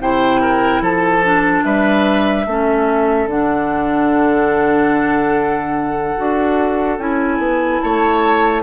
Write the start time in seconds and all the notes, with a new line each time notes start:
0.00 C3 E4 C5 G5
0.40 A#4
0.80 F3 A4 A5
1.23 D4
1.64 G3 B4 E5
2.46 A3 C#4 A4
3.26 D3 D4 F#5
6.16 D4 F#4
6.98 C#4 E4 G#5
7.38 B3
7.80 A3 C#5 A5